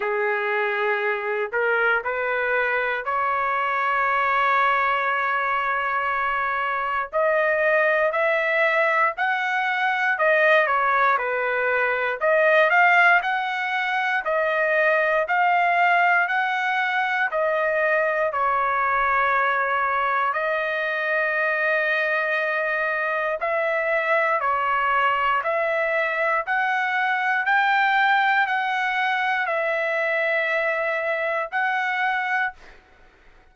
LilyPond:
\new Staff \with { instrumentName = "trumpet" } { \time 4/4 \tempo 4 = 59 gis'4. ais'8 b'4 cis''4~ | cis''2. dis''4 | e''4 fis''4 dis''8 cis''8 b'4 | dis''8 f''8 fis''4 dis''4 f''4 |
fis''4 dis''4 cis''2 | dis''2. e''4 | cis''4 e''4 fis''4 g''4 | fis''4 e''2 fis''4 | }